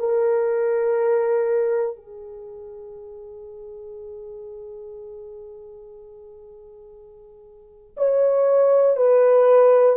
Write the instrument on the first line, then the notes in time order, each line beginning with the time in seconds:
horn
0.00 A#4
1.96 G#4
7.98 C#5
8.97 B4